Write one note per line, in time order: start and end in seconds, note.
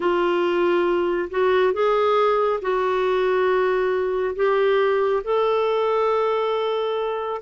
0.00 1.29 F4
1.30 1.73 F#4
1.73 2.60 G#4
2.61 4.35 F#4
4.35 5.22 G4
5.24 7.41 A4